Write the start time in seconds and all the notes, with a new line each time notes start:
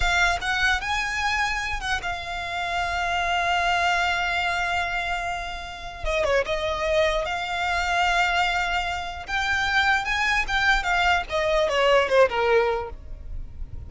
0.00 F5
0.41 F#5
0.81 G#5
1.80 F#5
2.02 F5
6.04 D#5
6.24 C#5
6.45 D#5
7.25 F5
9.26 G5
10.05 G#5
10.47 G5
10.83 F5
11.29 D#5
11.68 C#5
12.08 C5
12.29 A#4